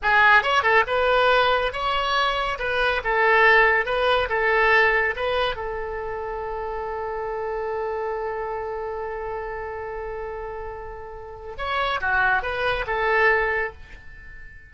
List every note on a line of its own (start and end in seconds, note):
0.02 0.43 G#4
0.43 0.62 C#5
0.62 0.84 A4
0.86 1.72 B4
1.72 2.58 C#5
2.59 3.01 B4
3.04 3.85 A4
3.85 4.28 B4
4.29 5.14 A4
5.15 5.55 B4
5.55 11.55 A4
11.57 12.00 C#5
12.00 12.42 F#4
12.42 12.85 B4
12.86 13.72 A4